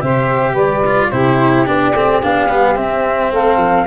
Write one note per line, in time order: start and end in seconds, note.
0.00 0.54 C3
0.00 0.83 G4
0.00 0.52 C5
0.00 0.55 E5
0.52 1.09 G3
0.52 1.07 B4
0.52 1.10 D5
0.86 1.12 F4
1.10 1.67 C3
1.10 1.66 E4
1.10 3.31 G4
1.10 1.65 C5
1.66 1.93 B3
1.66 1.94 D4
1.66 2.21 D5
1.93 2.20 A3
1.93 2.22 C4
2.22 2.49 B3
2.22 2.48 D4
2.22 2.76 F5
2.48 2.76 G3
2.48 2.75 B3
2.75 3.85 C4
2.75 3.31 C4
2.75 3.32 E5
3.31 3.57 A3
3.31 3.86 A4
3.31 3.87 F5
3.57 3.84 F3